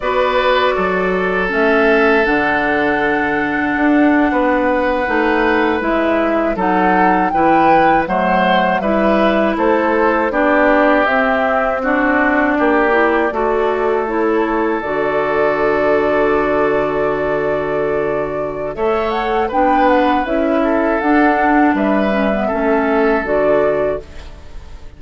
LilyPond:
<<
  \new Staff \with { instrumentName = "flute" } { \time 4/4 \tempo 4 = 80 d''2 e''4 fis''4~ | fis''2.~ fis''8. e''16~ | e''8. fis''4 g''4 fis''4 e''16~ | e''8. c''4 d''4 e''4 d''16~ |
d''2~ d''8. cis''4 d''16~ | d''1~ | d''4 e''8 fis''8 g''8 fis''8 e''4 | fis''4 e''2 d''4 | }
  \new Staff \with { instrumentName = "oboe" } { \time 4/4 b'4 a'2.~ | a'4.~ a'16 b'2~ b'16~ | b'8. a'4 b'4 c''4 b'16~ | b'8. a'4 g'2 fis'16~ |
fis'8. g'4 a'2~ a'16~ | a'1~ | a'4 cis''4 b'4. a'8~ | a'4 b'4 a'2 | }
  \new Staff \with { instrumentName = "clarinet" } { \time 4/4 fis'2 cis'4 d'4~ | d'2~ d'8. dis'4 e'16~ | e'8. dis'4 e'4 a4 e'16~ | e'4.~ e'16 d'4 c'4 d'16~ |
d'4~ d'16 e'8 fis'4 e'4 fis'16~ | fis'1~ | fis'4 a'4 d'4 e'4 | d'4. cis'16 b16 cis'4 fis'4 | }
  \new Staff \with { instrumentName = "bassoon" } { \time 4/4 b4 fis4 a4 d4~ | d4 d'8. b4 a4 gis16~ | gis8. fis4 e4 fis4 g16~ | g8. a4 b4 c'4~ c'16~ |
c'8. ais4 a2 d16~ | d1~ | d4 a4 b4 cis'4 | d'4 g4 a4 d4 | }
>>